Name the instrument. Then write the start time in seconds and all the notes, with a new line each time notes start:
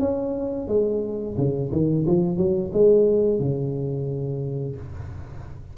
tuba
0.00 C#4
0.68 G#3
1.38 C#3
1.72 D#3
2.07 F3
2.37 F#3
2.73 G#3
3.40 C#3